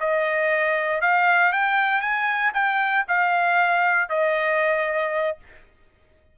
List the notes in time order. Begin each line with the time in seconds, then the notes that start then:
0.00 D#5
1.01 F5
1.52 G5
2.01 G#5
2.54 G5
3.08 F5
4.09 D#5